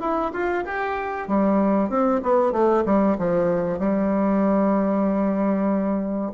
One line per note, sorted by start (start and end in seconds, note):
0.00 0.32 E4
0.32 0.64 F4
0.65 1.27 G4
1.27 1.89 G3
1.89 2.21 C4
2.23 2.52 B3
2.52 2.84 A3
2.85 3.17 G3
3.18 3.79 F3
3.79 6.32 G3